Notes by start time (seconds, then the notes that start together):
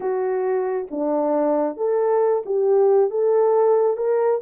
0.00 F#4
0.90 D4
1.76 A4
2.45 G4
3.10 A4
3.96 A#4